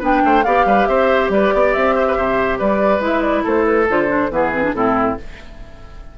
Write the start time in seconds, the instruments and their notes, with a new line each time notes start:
0.00 bassoon B3, clarinet D4, oboe B4, flute G5
0.24 bassoon A3, oboe C5
0.44 bassoon B3, clarinet G4, oboe D5, flute F5
0.65 bassoon G3, oboe B4
0.86 bassoon C4, oboe C5, flute E5
1.30 bassoon G3, oboe B4, flute D5
1.54 bassoon B3, oboe D5
1.73 bassoon C4, flute E5
1.95 oboe C5
2.08 oboe B4
2.17 bassoon C3, oboe C5
2.59 bassoon G3, oboe B4, flute D5
2.99 bassoon G#3, clarinet E4
3.06 flute E5
3.22 flute D5
3.44 bassoon A3, oboe A4, flute C5
3.65 flute B4
3.89 bassoon D3, clarinet F4, flute C5
4.08 clarinet D4
4.31 bassoon E3, clarinet B3, oboe G#4, flute B4
4.53 clarinet C4
4.63 clarinet D4
4.74 bassoon A2, clarinet C4, oboe E4, flute A4